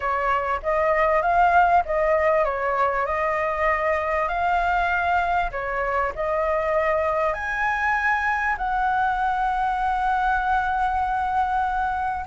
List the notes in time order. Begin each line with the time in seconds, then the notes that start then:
0.00 C#5
0.63 D#5
1.22 F5
1.85 D#5
2.44 C#5
3.06 D#5
4.28 F5
5.51 C#5
6.15 D#5
7.33 G#5
8.57 F#5